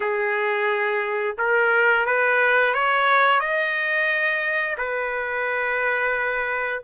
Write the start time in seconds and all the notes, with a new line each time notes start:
0.00 G#4
1.38 A#4
2.06 B4
2.74 C#5
3.40 D#5
4.77 B4